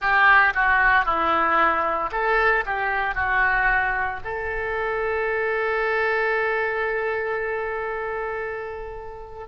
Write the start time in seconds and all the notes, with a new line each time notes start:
0.00 G4
0.54 F#4
1.05 E4
2.11 A4
2.65 G4
3.14 F#4
4.24 A4